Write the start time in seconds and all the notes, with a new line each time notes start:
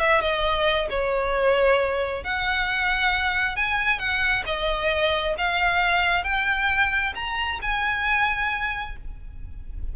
0.00 E5
0.22 D#5
0.90 C#5
2.24 F#5
3.57 G#5
3.99 F#5
4.46 D#5
5.38 F5
6.24 G5
7.16 A#5
7.62 G#5